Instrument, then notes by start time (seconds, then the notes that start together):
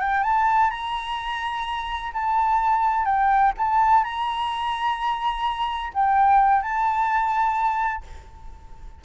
flute
0.00 G5
0.23 A5
0.70 A#5
2.13 A5
3.05 G5
3.58 A5
4.04 A#5
5.94 G5
6.62 A5